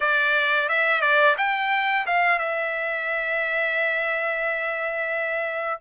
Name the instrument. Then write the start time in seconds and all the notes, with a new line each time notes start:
trumpet
0.00 D5
0.68 E5
1.01 D5
1.37 G5
2.06 F5
2.39 E5